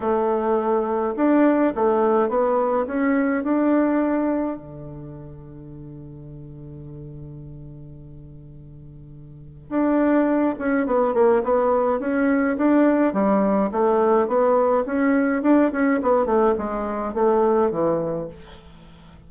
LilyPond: \new Staff \with { instrumentName = "bassoon" } { \time 4/4 \tempo 4 = 105 a2 d'4 a4 | b4 cis'4 d'2 | d1~ | d1~ |
d4 d'4. cis'8 b8 ais8 | b4 cis'4 d'4 g4 | a4 b4 cis'4 d'8 cis'8 | b8 a8 gis4 a4 e4 | }